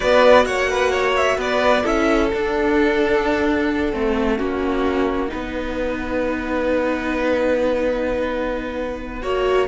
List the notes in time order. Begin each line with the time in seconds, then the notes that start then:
0.00 B3 F#4 B4 D5
0.45 A#3 C#5 F#5
0.69 B4
0.91 C#5
1.16 E5
1.37 B3 B4 D5
1.83 C#4 E4 A4 E5
2.30 D4 F#5
3.92 A3 C4
4.37 A#3 C#4 F#4
5.27 B3 D#4 B4
9.22 A#3 F#4 C#5